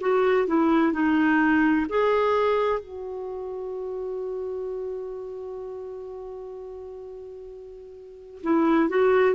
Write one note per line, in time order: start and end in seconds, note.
0.00 0.47 F#4
0.47 0.92 E4
0.92 1.86 D#4
1.89 2.80 G#4
2.80 8.42 F#4
8.43 8.89 E4
8.89 9.35 F#4